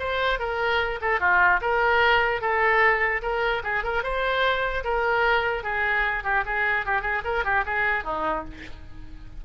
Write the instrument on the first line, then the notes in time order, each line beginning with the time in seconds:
oboe
0.00 C5
0.40 A#4
1.02 A4
1.20 F4
1.62 A#4
2.41 A4
3.23 A#4
3.64 G#4
3.84 A#4
4.04 C5
4.85 A#4
5.64 G#4
6.24 G4
6.46 G#4
6.86 G4
7.02 G#4
7.25 A#4
7.45 G4
7.66 G#4
8.05 D#4